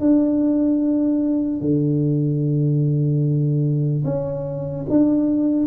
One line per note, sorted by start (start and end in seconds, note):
0.00 1.61 D4
1.61 4.04 D3
4.05 4.86 C#4
4.90 5.66 D4